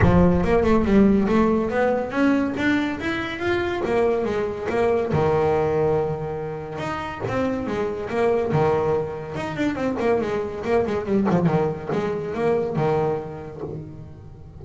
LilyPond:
\new Staff \with { instrumentName = "double bass" } { \time 4/4 \tempo 4 = 141 f4 ais8 a8 g4 a4 | b4 cis'4 d'4 e'4 | f'4 ais4 gis4 ais4 | dis1 |
dis'4 c'4 gis4 ais4 | dis2 dis'8 d'8 c'8 ais8 | gis4 ais8 gis8 g8 f8 dis4 | gis4 ais4 dis2 | }